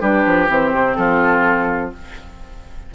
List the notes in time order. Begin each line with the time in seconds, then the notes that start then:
0.00 G3 D4 G4 B4
0.26 F3
0.48 E3 C4 C5
0.72 C3
0.95 F3 F4 A4